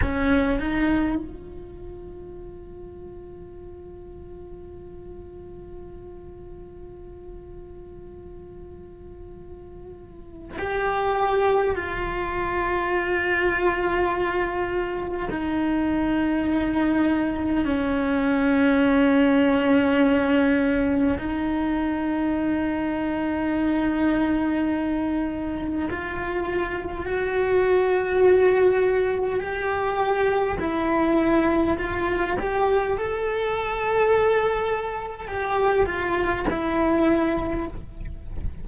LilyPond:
\new Staff \with { instrumentName = "cello" } { \time 4/4 \tempo 4 = 51 cis'8 dis'8 f'2.~ | f'1~ | f'4 g'4 f'2~ | f'4 dis'2 cis'4~ |
cis'2 dis'2~ | dis'2 f'4 fis'4~ | fis'4 g'4 e'4 f'8 g'8 | a'2 g'8 f'8 e'4 | }